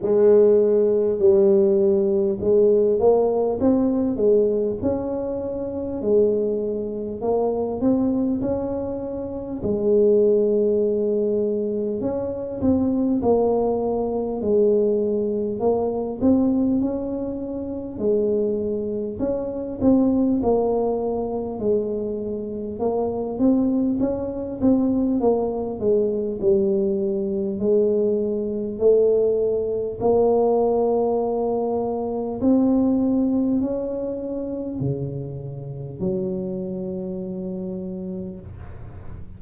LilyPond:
\new Staff \with { instrumentName = "tuba" } { \time 4/4 \tempo 4 = 50 gis4 g4 gis8 ais8 c'8 gis8 | cis'4 gis4 ais8 c'8 cis'4 | gis2 cis'8 c'8 ais4 | gis4 ais8 c'8 cis'4 gis4 |
cis'8 c'8 ais4 gis4 ais8 c'8 | cis'8 c'8 ais8 gis8 g4 gis4 | a4 ais2 c'4 | cis'4 cis4 fis2 | }